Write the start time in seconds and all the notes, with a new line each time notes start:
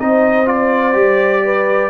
0.00 C4 D#4 C5 D#5
0.46 F4 D5
0.94 G3 G4
1.45 B4